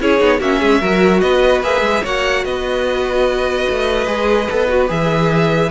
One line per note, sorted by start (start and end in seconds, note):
0.00 0.20 C#4
0.00 0.19 E4
0.00 0.40 G#4
0.00 0.41 C#5
0.19 0.40 B3
0.19 0.39 D#4
0.40 0.61 A#3
0.40 0.82 C#4
0.40 0.59 F#4
0.40 1.20 E5
0.59 0.82 G#3
0.59 0.80 G#4
0.80 1.22 F#3
0.80 1.63 F#4
0.80 1.21 A#4
1.20 1.62 B3
1.20 2.02 B4
1.20 1.61 D#5
1.62 1.81 A#3
1.62 2.04 G#4
1.62 2.05 E5
1.81 2.01 G#3
2.02 2.45 A#3
2.02 4.07 F#4
2.02 2.43 C#5
2.02 2.45 F#5
2.45 3.67 B3
2.45 5.71 B4
2.45 4.89 D#5
3.69 4.07 A3
4.07 4.48 G#3
4.07 4.47 G#4
4.50 4.90 B3
4.50 4.69 A4
4.69 4.88 F#4
4.88 5.71 E3
4.88 5.69 G#4
4.88 5.71 E5